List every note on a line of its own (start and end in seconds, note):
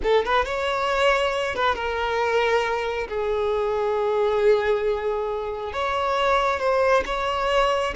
0.02 0.24 A4
0.24 0.45 B4
0.45 1.55 C#5
1.55 1.75 B4
1.75 3.07 A#4
3.08 5.72 G#4
5.72 6.59 C#5
6.59 7.03 C5
7.05 7.94 C#5